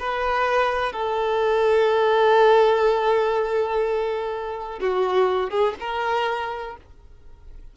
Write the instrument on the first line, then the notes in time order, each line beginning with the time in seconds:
violin
0.00 B4
0.93 A4
4.81 F#4
5.50 G#4
5.80 A#4